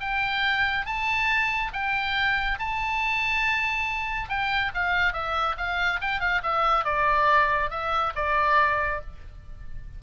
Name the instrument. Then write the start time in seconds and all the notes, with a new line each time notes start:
oboe
0.00 G5
0.86 A5
1.73 G5
2.59 A5
4.29 G5
4.74 F5
5.13 E5
5.57 F5
6.01 G5
6.20 F5
6.43 E5
6.85 D5
7.70 E5
8.15 D5